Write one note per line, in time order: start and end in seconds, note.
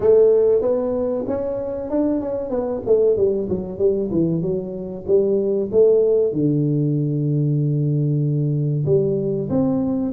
0.00 0.61 A3
0.61 1.24 B3
1.27 1.89 C#4
1.89 2.20 D4
2.20 2.50 C#4
2.50 2.81 B3
2.86 3.16 A3
3.16 3.48 G3
3.49 3.78 F#3
3.78 4.09 G3
4.11 4.41 E3
4.41 5.04 F#3
5.07 5.70 G3
5.71 6.32 A3
6.32 8.84 D3
8.85 9.49 G3
9.49 10.12 C4